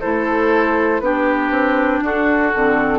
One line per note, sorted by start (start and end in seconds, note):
0.00 1.00 A3
0.00 1.01 E4
0.00 1.00 A4
0.00 1.00 C5
1.00 1.50 B3
1.00 2.51 D4
1.00 2.04 G4
1.00 2.00 B4
1.50 2.00 C4
2.02 2.52 D4
2.02 2.98 F#4
2.02 2.98 A4
2.54 2.98 D3
2.54 2.98 C4